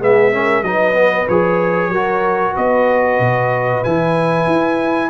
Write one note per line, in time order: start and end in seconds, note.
0.00 0.62 G#3
0.00 0.32 B3
0.00 0.32 G#4
0.00 0.63 E5
0.32 0.64 C#4
0.32 0.64 A#4
0.62 1.26 F#3
0.62 0.94 D#4
0.62 1.91 B4
0.62 1.27 D#5
0.94 1.26 B3
1.28 1.88 F3
1.28 1.94 G#4
1.28 2.56 C#5
1.88 2.52 F#3
1.88 3.84 F#4
1.88 2.53 A#4
2.53 3.19 B3
2.53 5.09 B4
2.53 3.84 D#5
3.19 3.83 B2
3.84 4.46 E3
3.84 5.09 E4
3.84 5.09 G#5
4.46 5.09 E4